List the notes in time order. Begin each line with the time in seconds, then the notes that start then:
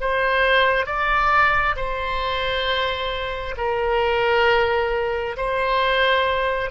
0.00 C5
0.86 D5
1.75 C5
3.57 A#4
5.36 C5